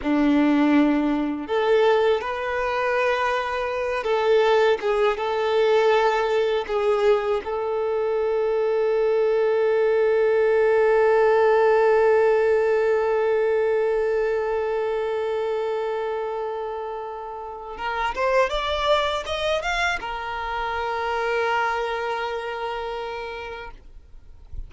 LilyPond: \new Staff \with { instrumentName = "violin" } { \time 4/4 \tempo 4 = 81 d'2 a'4 b'4~ | b'4. a'4 gis'8 a'4~ | a'4 gis'4 a'2~ | a'1~ |
a'1~ | a'1 | ais'8 c''8 d''4 dis''8 f''8 ais'4~ | ais'1 | }